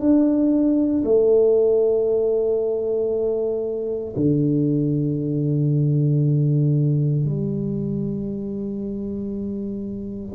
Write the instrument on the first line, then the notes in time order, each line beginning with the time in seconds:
tuba
0.00 D4
1.04 A3
4.16 D3
7.25 G3